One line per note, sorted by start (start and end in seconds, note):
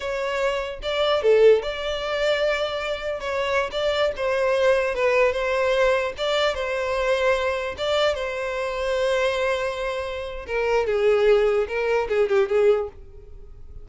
0.00 0.79 C#5
0.82 1.22 D5
1.22 1.62 A4
1.62 3.20 D5
3.20 3.70 C#5
3.71 4.12 D5
4.16 4.94 C5
4.94 5.32 B4
5.32 6.12 C5
6.17 6.54 D5
6.54 7.75 C5
7.77 8.14 D5
8.14 10.46 C5
10.46 10.86 A#4
10.86 11.67 G#4
11.67 12.08 A#4
12.08 12.28 G#4
12.28 12.48 G4
12.48 12.89 G#4